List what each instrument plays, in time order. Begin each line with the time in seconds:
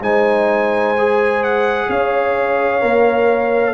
0.00 tuba G#3, trombone D#4, horn C5, trumpet G#5
0.98 trombone G#4
1.44 trumpet F#5
1.89 tuba C#4, horn C#5, trumpet F5
2.81 tuba A#3, trombone A#4